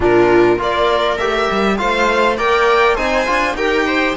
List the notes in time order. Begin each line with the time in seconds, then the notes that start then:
0.00 A#2 D4 F4 A#4
0.58 A#3 F4 A#4 D5
1.17 A3 G4 E5
1.51 G3
1.77 A3 F4 C5 F5
2.37 A#3 A#4 D5 G5
2.95 C4 D#4 C5 G#5
3.26 D4 F4
3.54 D#4 G4 A#4 G5
3.87 C5